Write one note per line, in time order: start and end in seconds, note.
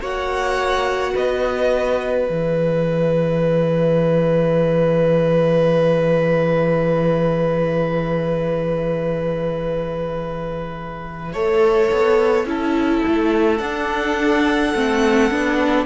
0.00 1.14 A#3
0.00 2.27 F#4
0.00 1.13 C#5
0.00 1.16 F#5
1.14 2.29 B3
1.14 11.33 B4
1.14 2.29 D#5
2.27 11.34 E3
2.27 11.33 G#4
2.27 13.57 E5
11.33 11.91 A3
11.33 12.46 A4
11.33 12.46 C#5
11.91 12.45 B3
12.45 13.01 C#4
12.45 13.59 E4
12.45 15.85 A4
13.06 13.59 A3
13.57 14.72 D4
13.57 14.75 D4
13.57 15.84 F#5
14.74 15.30 A3
14.74 15.31 C4
15.30 15.85 B3
15.30 15.85 D4